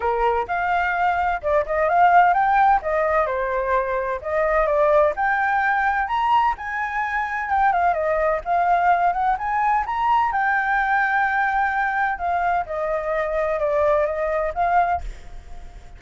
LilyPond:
\new Staff \with { instrumentName = "flute" } { \time 4/4 \tempo 4 = 128 ais'4 f''2 d''8 dis''8 | f''4 g''4 dis''4 c''4~ | c''4 dis''4 d''4 g''4~ | g''4 ais''4 gis''2 |
g''8 f''8 dis''4 f''4. fis''8 | gis''4 ais''4 g''2~ | g''2 f''4 dis''4~ | dis''4 d''4 dis''4 f''4 | }